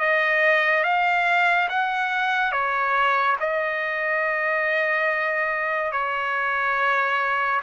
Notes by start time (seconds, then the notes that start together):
0.00 D#5
0.84 F5
1.69 F#5
2.52 C#5
3.40 D#5
5.92 C#5